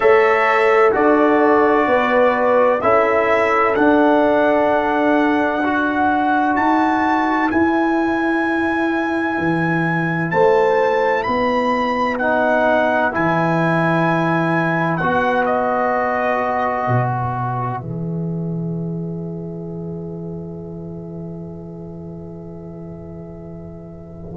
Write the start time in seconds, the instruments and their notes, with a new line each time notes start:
0.00 tuba A3, trombone A4, horn C#5, trumpet E5
0.92 tuba D4, trombone F#4, horn A4, trumpet D5
1.87 tuba B3, horn B4
2.81 tuba C#4, trombone E4, horn A4, trumpet E5
3.75 trombone D4, tuba D4, trumpet F#5
5.64 trombone F#4, horn B4
6.56 tuba D#4, trumpet A5
7.50 trombone E4, tuba E4, trumpet G#5
9.38 tuba E3
10.30 tuba A3, horn C5, trumpet A5
11.23 tuba B3, horn B4, trumpet B5
12.18 trombone D#4, trumpet F#5
13.12 tuba E3, trombone E4, trumpet G#5
14.97 tuba B3, trombone F#4, trumpet F#5
15.45 trumpet D#5
16.87 tuba B2
17.07 trumpet E5
17.80 tuba E3, trombone G#4